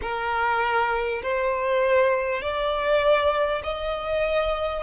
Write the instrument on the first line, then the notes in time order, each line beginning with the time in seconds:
violin
0.02 A#4
1.22 C5
2.42 D5
3.63 D#5